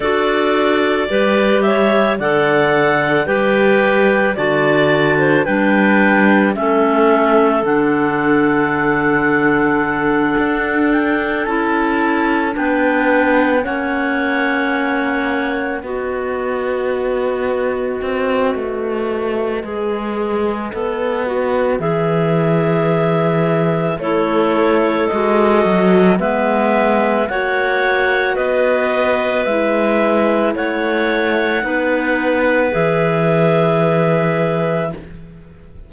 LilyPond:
<<
  \new Staff \with { instrumentName = "clarinet" } { \time 4/4 \tempo 4 = 55 d''4. e''8 fis''4 g''4 | a''4 g''4 e''4 fis''4~ | fis''2 g''8 a''4 g''8~ | g''8 fis''2 dis''4.~ |
dis''1 | e''2 cis''4 dis''4 | e''4 fis''4 dis''4 e''4 | fis''2 e''2 | }
  \new Staff \with { instrumentName = "clarinet" } { \time 4/4 a'4 b'8 cis''8 d''4 b'4 | d''8. c''16 b'4 a'2~ | a'2.~ a'8 b'8~ | b'8 cis''2 b'4.~ |
b'1~ | b'2 a'2 | b'4 cis''4 b'2 | cis''4 b'2. | }
  \new Staff \with { instrumentName = "clarinet" } { \time 4/4 fis'4 g'4 a'4 g'4 | fis'4 d'4 cis'4 d'4~ | d'2~ d'8 e'4 d'8~ | d'8 cis'2 fis'4.~ |
fis'2 gis'4 a'8 fis'8 | gis'2 e'4 fis'4 | b4 fis'2 e'4~ | e'4 dis'4 gis'2 | }
  \new Staff \with { instrumentName = "cello" } { \time 4/4 d'4 g4 d4 g4 | d4 g4 a4 d4~ | d4. d'4 cis'4 b8~ | b8 ais2 b4.~ |
b8 c'8 a4 gis4 b4 | e2 a4 gis8 fis8 | gis4 ais4 b4 gis4 | a4 b4 e2 | }
>>